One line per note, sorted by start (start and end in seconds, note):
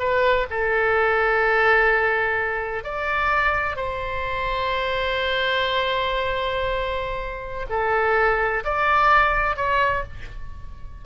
0.00 0.47 B4
0.51 2.84 A4
2.84 3.77 D5
3.77 7.67 C5
7.70 8.64 A4
8.65 9.57 D5
9.57 10.04 C#5